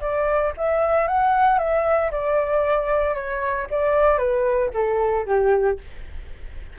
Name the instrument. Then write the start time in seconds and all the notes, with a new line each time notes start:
flute
0.00 D5
0.57 E5
1.07 F#5
1.58 E5
2.11 D5
3.14 C#5
3.70 D5
4.17 B4
4.73 A4
5.26 G4